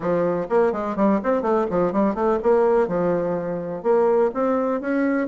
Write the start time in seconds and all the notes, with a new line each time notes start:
0.00 F3
0.49 A#3
0.72 G#3
0.96 G3
1.23 C4
1.42 A3
1.70 F3
1.92 G3
2.14 A3
2.42 A#3
2.87 F3
3.82 A#3
4.34 C4
4.80 C#4